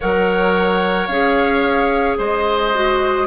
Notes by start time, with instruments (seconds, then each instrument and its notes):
0.00 bassoon F#3, clarinet A#4, oboe C#5, flute F#5
1.07 bassoon C#4, clarinet G#4, flute F5
2.17 bassoon G#3, oboe C5, flute D#5
2.74 clarinet F#4